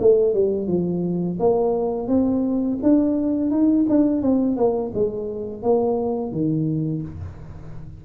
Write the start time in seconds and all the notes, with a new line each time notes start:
0.00 A3
0.34 G3
0.67 F3
1.39 A#3
2.08 C4
2.83 D4
3.51 D#4
3.89 D4
4.22 C4
4.57 A#3
4.94 G#3
5.63 A#3
6.32 D#3